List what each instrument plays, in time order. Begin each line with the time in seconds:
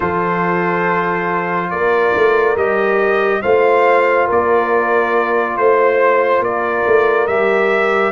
0.00 tuba F3, trombone F4, horn A4, trumpet C5
1.70 tuba A#3, horn A#4, trumpet D5
2.15 tuba A3
2.56 tuba G3, trombone G4, trumpet D#5
3.42 tuba A3, trombone F4, horn C5, trumpet F5
4.26 tuba A#3, horn A#4, trumpet D5
5.57 tuba A3, trumpet C5, horn C5
6.39 tuba A#3, horn A#4, trumpet D5
6.86 tuba A3
7.27 tuba G3, trombone G4, trumpet E5